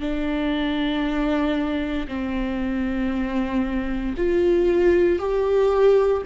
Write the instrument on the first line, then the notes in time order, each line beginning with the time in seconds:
viola
0.00 D4
2.08 C4
4.17 F4
5.19 G4